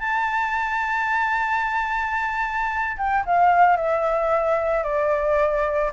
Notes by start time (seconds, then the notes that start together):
0.00 A5
2.97 G5
3.26 F5
3.76 E5
4.83 D5